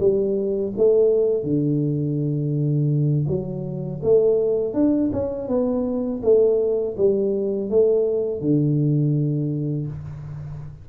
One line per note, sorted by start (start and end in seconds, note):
0.00 0.73 G3
0.77 1.43 A3
1.43 3.26 D3
3.28 4.01 F#3
4.03 4.74 A3
4.74 5.11 D4
5.13 5.48 C#4
5.48 6.22 B3
6.23 6.96 A3
6.97 7.70 G3
7.70 8.41 A3
8.41 9.87 D3